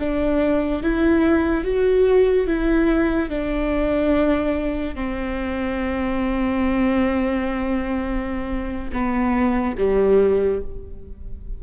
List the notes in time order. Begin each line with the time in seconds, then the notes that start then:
0.00 D4
0.83 E4
1.65 F#4
2.48 E4
3.30 D4
4.95 C4
8.93 B3
9.78 G3